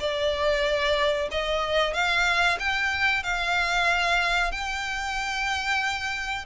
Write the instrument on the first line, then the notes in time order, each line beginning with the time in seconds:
violin
0.00 D5
1.31 D#5
1.94 F5
2.59 G5
3.23 F5
4.52 G5